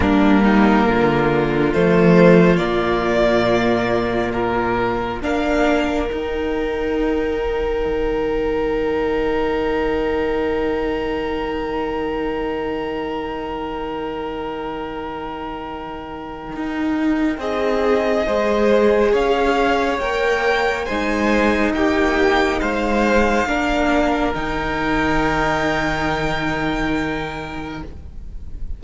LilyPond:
<<
  \new Staff \with { instrumentName = "violin" } { \time 4/4 \tempo 4 = 69 ais'2 c''4 d''4~ | d''4 ais'4 f''4 g''4~ | g''1~ | g''1~ |
g''1 | dis''2 f''4 g''4 | gis''4 g''4 f''2 | g''1 | }
  \new Staff \with { instrumentName = "violin" } { \time 4/4 d'8 dis'8 f'2.~ | f'2 ais'2~ | ais'1~ | ais'1~ |
ais'1 | gis'4 c''4 cis''2 | c''4 g'4 c''4 ais'4~ | ais'1 | }
  \new Staff \with { instrumentName = "viola" } { \time 4/4 ais2 a4 ais4~ | ais2 d'4 dis'4~ | dis'1~ | dis'1~ |
dis'1~ | dis'4 gis'2 ais'4 | dis'2. d'4 | dis'1 | }
  \new Staff \with { instrumentName = "cello" } { \time 4/4 g4 d4 f4 ais,4~ | ais,2 ais4 dis'4~ | dis'4 dis2.~ | dis1~ |
dis2. dis'4 | c'4 gis4 cis'4 ais4 | gis4 ais4 gis4 ais4 | dis1 | }
>>